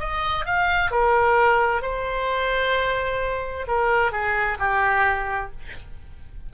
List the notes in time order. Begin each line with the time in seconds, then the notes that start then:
0.00 D#5
0.46 F5
0.91 A#4
1.83 C5
3.68 A#4
4.12 G#4
4.59 G4